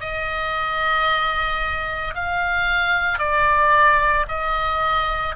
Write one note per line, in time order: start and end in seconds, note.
0.00 2.14 D#5
2.14 3.19 F5
3.19 4.26 D5
4.28 5.35 D#5